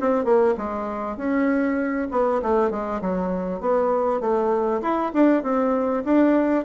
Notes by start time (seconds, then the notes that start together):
0.00 C4
0.25 A#3
0.58 G#3
1.17 C#4
2.11 B3
2.42 A3
2.71 G#3
3.01 F#3
3.60 B3
4.21 A3
4.82 E4
5.13 D4
5.43 C4
6.04 D4